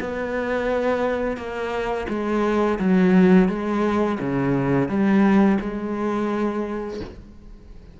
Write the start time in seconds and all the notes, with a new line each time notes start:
0.00 B3
1.37 A#3
2.09 G#3
2.79 F#3
3.49 G#3
4.20 C#3
4.88 G3
5.60 G#3